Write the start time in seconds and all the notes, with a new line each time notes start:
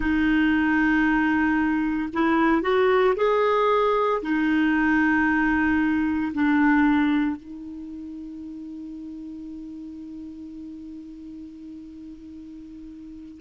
0.00 D#4
2.13 E4
2.61 F#4
3.16 G#4
4.22 D#4
6.33 D4
7.36 D#4